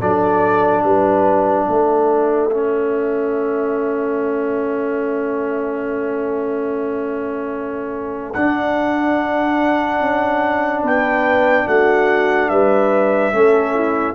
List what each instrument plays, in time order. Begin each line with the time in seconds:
0.00 tuba F#3, trombone D4, horn A4, trumpet D5
0.83 tuba G3, horn B4, trumpet E5
1.68 tuba A3, horn A4
2.51 trombone C#4
8.33 tuba D4, trombone D4, trumpet F#5
10.00 tuba C#4
10.83 tuba B3, horn B4, trumpet G5
11.67 tuba A3, horn F#4, trumpet F#5
12.49 tuba G3, horn B4, trumpet E5
13.32 tuba A3, trombone C#4, horn A4
13.74 horn E4